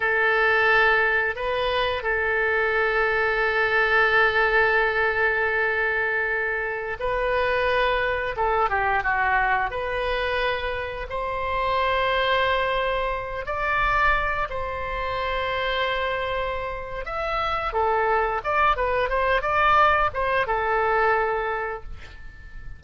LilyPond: \new Staff \with { instrumentName = "oboe" } { \time 4/4 \tempo 4 = 88 a'2 b'4 a'4~ | a'1~ | a'2~ a'16 b'4.~ b'16~ | b'16 a'8 g'8 fis'4 b'4.~ b'16~ |
b'16 c''2.~ c''8 d''16~ | d''4~ d''16 c''2~ c''8.~ | c''4 e''4 a'4 d''8 b'8 | c''8 d''4 c''8 a'2 | }